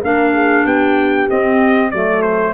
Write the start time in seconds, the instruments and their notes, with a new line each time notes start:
0.00 tuba A#3, clarinet D4, horn A#4, trumpet F5
0.33 horn G#4
0.64 tuba B3, horn G4, trumpet G5
1.28 clarinet C4, tuba C4, trumpet D#5
1.90 tuba F#3, clarinet A3, horn A4, trumpet D5
2.22 trumpet C5